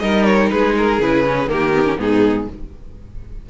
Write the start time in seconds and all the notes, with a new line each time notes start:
0.00 G3 D#4 A#4 D#5
0.25 C#5
0.51 G#3 G#4 B4
0.78 A#4
0.99 C#3 E4 B4
1.26 C#4
1.48 D#3 A#3 G4 A#4
1.74 B3
1.85 C#4
1.98 G#2 B3 D#4 G#4